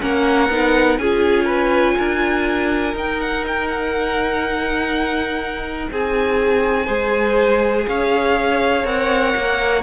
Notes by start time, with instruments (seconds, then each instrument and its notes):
0.00 cello A#3, viola C#4, violin A#4 F#5
0.49 cello B3, viola D#4
0.98 cello C#4, viola F4, violin G#4 G#5
1.45 violin B4
1.97 cello D4, violin A#4
2.93 cello D#4, viola D#4, violin G5
3.20 violin F#5
3.47 violin G5
3.68 violin F#5
5.91 cello C4, violin G#4 G#5
6.86 cello G#3, viola G#4, violin C5
7.87 cello C#4, violin C#5 F5
8.83 cello C4, viola A#4, violin F#5
9.36 cello A#3